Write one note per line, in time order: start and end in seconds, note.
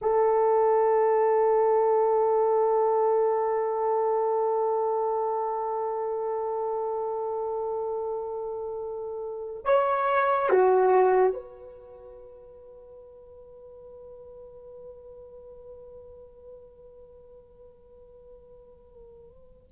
0.01 9.64 A4
9.64 10.49 C#5
10.49 11.33 F#4
11.33 19.69 B4